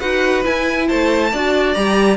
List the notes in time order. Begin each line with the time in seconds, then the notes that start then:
0.00 D#4 F#4 B4 F#5
0.44 E4 G#5
0.88 A3 C5 A5
1.32 D4 F#4 D5
1.74 G3 G4 A#5